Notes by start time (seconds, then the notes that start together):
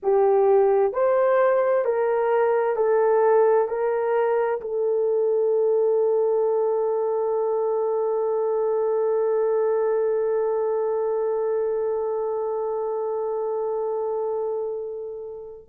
0.03 G4
0.92 C5
1.85 A#4
2.76 A4
3.68 A#4
4.60 A4